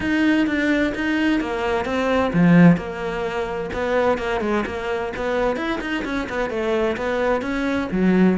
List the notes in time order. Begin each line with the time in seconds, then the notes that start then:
0.00 D#4
0.46 D4
0.94 D#4
1.40 A#3
1.85 C4
2.33 F3
2.77 A#3
3.73 B3
4.18 A#3
4.41 G#3
4.66 A#3
5.16 B3
5.56 E4
5.81 D#4
6.04 C#4
6.29 B3
6.49 A3
6.96 B3
7.41 C#4
7.91 F#3